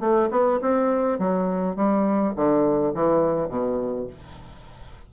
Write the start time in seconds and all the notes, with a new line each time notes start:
0.00 A3
0.30 B3
0.62 C4
1.19 F#3
1.76 G3
2.36 D3
2.94 E3
3.49 B2